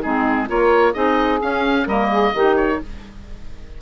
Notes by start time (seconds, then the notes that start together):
0.00 G#3 C4 D#4 G#4
0.47 A#3 F4 A#4 C#5
0.92 C4 D#4 G#4 D#5
1.41 C#4 F5
1.85 G3 A#3 A#4 D#5
2.10 G#4
2.32 D#3 D#4 G4
2.56 C#5